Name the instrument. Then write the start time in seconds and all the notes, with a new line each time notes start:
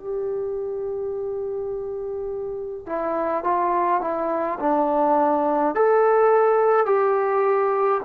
trombone
0.00 G4
2.86 E4
3.44 F4
4.01 E4
4.60 D4
5.75 A4
6.86 G4